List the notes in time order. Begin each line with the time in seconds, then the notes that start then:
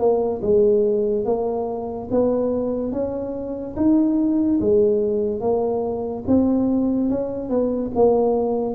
0.00 A#3
0.42 G#3
1.25 A#3
2.11 B3
2.92 C#4
3.77 D#4
4.61 G#3
5.41 A#3
6.28 C4
7.10 C#4
7.50 B3
7.95 A#3